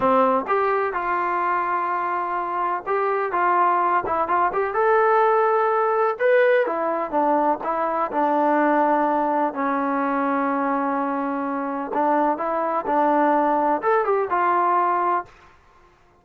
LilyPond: \new Staff \with { instrumentName = "trombone" } { \time 4/4 \tempo 4 = 126 c'4 g'4 f'2~ | f'2 g'4 f'4~ | f'8 e'8 f'8 g'8 a'2~ | a'4 b'4 e'4 d'4 |
e'4 d'2. | cis'1~ | cis'4 d'4 e'4 d'4~ | d'4 a'8 g'8 f'2 | }